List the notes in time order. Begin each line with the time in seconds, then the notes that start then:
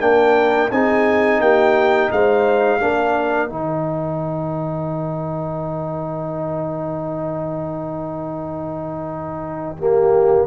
0.00 A#3 D4 A#4 G5
0.71 C4 D#4 G#4 G#5
1.40 A#3 G4 G5
2.11 G#3 C5 F5
2.80 A#3 D4 A#4
3.49 D#3 D#4 G5
9.78 A#3 G4